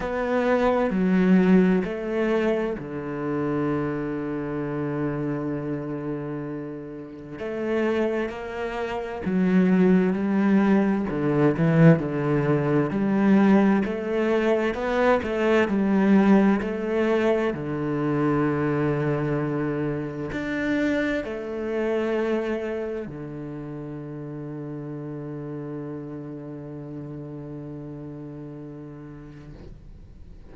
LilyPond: \new Staff \with { instrumentName = "cello" } { \time 4/4 \tempo 4 = 65 b4 fis4 a4 d4~ | d1 | a4 ais4 fis4 g4 | d8 e8 d4 g4 a4 |
b8 a8 g4 a4 d4~ | d2 d'4 a4~ | a4 d2.~ | d1 | }